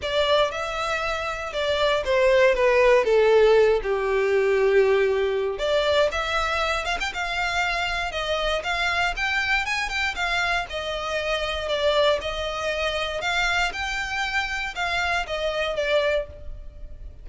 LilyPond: \new Staff \with { instrumentName = "violin" } { \time 4/4 \tempo 4 = 118 d''4 e''2 d''4 | c''4 b'4 a'4. g'8~ | g'2. d''4 | e''4. f''16 g''16 f''2 |
dis''4 f''4 g''4 gis''8 g''8 | f''4 dis''2 d''4 | dis''2 f''4 g''4~ | g''4 f''4 dis''4 d''4 | }